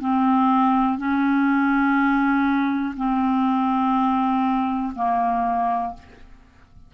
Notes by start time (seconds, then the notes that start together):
0.00 C4
0.98 C#4
2.96 C4
4.95 A#3